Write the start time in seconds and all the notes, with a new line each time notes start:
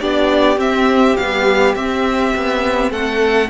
0.00 B3 D4 G4 D5
0.57 C4 E5
1.17 G3 B3 F5
1.75 C4 E5
2.36 B3
2.91 A3 A4 F#5